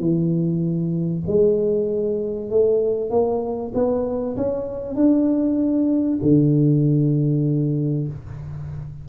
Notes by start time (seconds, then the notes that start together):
0.00 E3
1.27 G#3
2.51 A3
3.11 A#3
3.75 B3
4.37 C#4
4.96 D4
6.23 D3